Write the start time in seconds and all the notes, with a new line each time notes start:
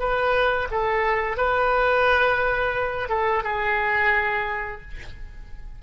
0.00 B4
0.71 A4
1.38 B4
3.10 A4
3.44 G#4